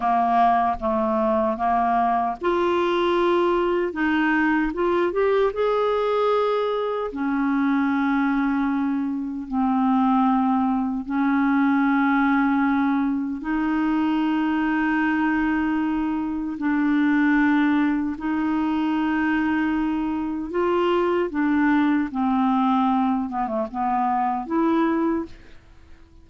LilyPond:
\new Staff \with { instrumentName = "clarinet" } { \time 4/4 \tempo 4 = 76 ais4 a4 ais4 f'4~ | f'4 dis'4 f'8 g'8 gis'4~ | gis'4 cis'2. | c'2 cis'2~ |
cis'4 dis'2.~ | dis'4 d'2 dis'4~ | dis'2 f'4 d'4 | c'4. b16 a16 b4 e'4 | }